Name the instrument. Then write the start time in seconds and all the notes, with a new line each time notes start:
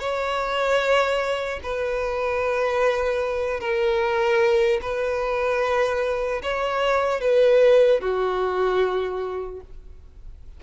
violin
0.00 C#5
1.64 B4
3.61 A#4
4.82 B4
6.43 C#5
7.21 B4
8.01 F#4